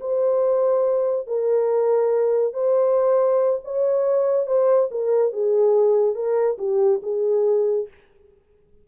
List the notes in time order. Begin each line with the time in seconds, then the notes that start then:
0.00 C5
1.26 A#4
2.53 C5
3.64 C#5
4.46 C5
4.90 A#4
5.32 G#4
6.15 A#4
6.58 G4
7.02 G#4